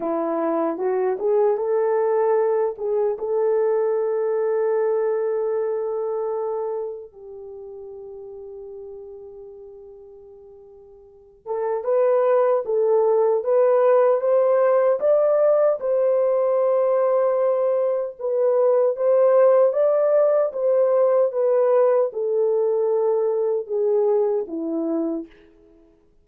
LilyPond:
\new Staff \with { instrumentName = "horn" } { \time 4/4 \tempo 4 = 76 e'4 fis'8 gis'8 a'4. gis'8 | a'1~ | a'4 g'2.~ | g'2~ g'8 a'8 b'4 |
a'4 b'4 c''4 d''4 | c''2. b'4 | c''4 d''4 c''4 b'4 | a'2 gis'4 e'4 | }